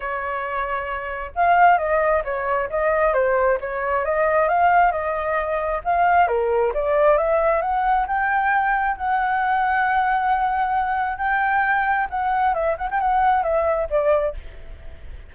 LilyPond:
\new Staff \with { instrumentName = "flute" } { \time 4/4 \tempo 4 = 134 cis''2. f''4 | dis''4 cis''4 dis''4 c''4 | cis''4 dis''4 f''4 dis''4~ | dis''4 f''4 ais'4 d''4 |
e''4 fis''4 g''2 | fis''1~ | fis''4 g''2 fis''4 | e''8 fis''16 g''16 fis''4 e''4 d''4 | }